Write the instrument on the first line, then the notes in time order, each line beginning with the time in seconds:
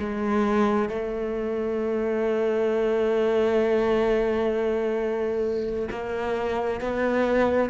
cello
0.00 G#3
0.89 A3
5.91 A#3
6.81 B3